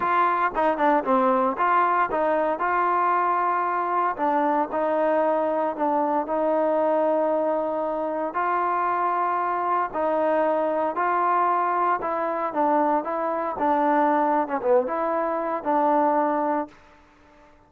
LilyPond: \new Staff \with { instrumentName = "trombone" } { \time 4/4 \tempo 4 = 115 f'4 dis'8 d'8 c'4 f'4 | dis'4 f'2. | d'4 dis'2 d'4 | dis'1 |
f'2. dis'4~ | dis'4 f'2 e'4 | d'4 e'4 d'4.~ d'16 cis'16 | b8 e'4. d'2 | }